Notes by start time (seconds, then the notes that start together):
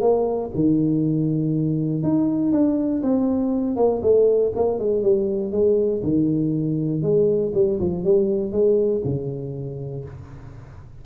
0.00 A#3
0.54 D#3
2.02 D#4
2.52 D4
3.02 C4
3.76 A#3
4.02 A3
4.55 A#3
4.78 G#3
5.02 G3
5.51 G#3
6.03 D#3
7.02 G#3
7.54 G3
7.79 F3
8.04 G3
8.51 G#3
9.04 C#3